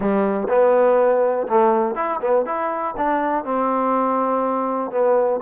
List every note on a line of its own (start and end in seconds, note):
0.00 0.47 G3
0.48 1.47 B3
1.47 1.95 A3
1.95 2.20 E4
2.21 2.45 B3
2.45 2.94 E4
2.97 3.44 D4
3.44 4.91 C4
4.91 5.40 B3